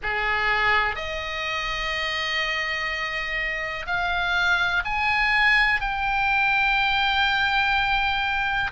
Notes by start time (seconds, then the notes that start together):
0.03 G#4
0.95 D#5
3.86 F5
4.84 G#5
5.81 G5